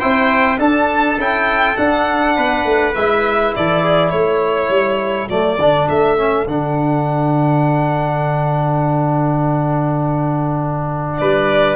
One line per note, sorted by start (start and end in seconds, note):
0.00 0.59 C4
0.00 0.59 E4
0.00 0.59 C5
0.00 0.59 G5
0.59 1.18 D4
0.59 2.36 A4
0.59 1.19 A5
1.18 1.77 C#4
1.18 1.77 E4
1.18 1.77 G5
1.77 2.95 D4
1.77 2.38 D4
1.77 2.95 F#5
2.36 2.65 B3
2.36 3.54 B4
2.65 2.95 A3
2.95 3.55 G#3
2.95 5.30 E4
2.95 3.54 E5
3.56 4.12 E3
3.56 3.84 A4
3.56 4.10 D5
3.84 4.11 G#4
4.10 4.70 A3
4.10 11.16 A4
4.10 5.28 C#5
4.70 5.29 G3
5.30 5.59 F#3
5.30 5.59 A3
5.30 5.89 D5
5.59 5.88 D3
5.59 6.18 D4
5.89 6.48 A3
5.89 6.48 E5
6.18 6.47 C#4
6.48 11.19 D3
6.48 11.76 D4
6.48 11.18 F#5
11.18 11.76 G3
11.18 11.76 B4
11.18 11.76 D5